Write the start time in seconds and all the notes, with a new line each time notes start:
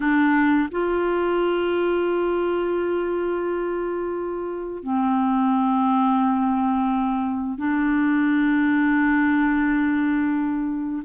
0.00 D4
0.71 F4
4.83 C4
7.57 D4